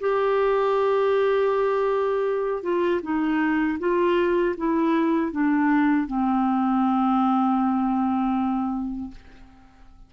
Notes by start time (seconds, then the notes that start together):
0.00 G4
2.63 F4
3.03 D#4
3.79 F4
4.57 E4
5.32 D4
6.07 C4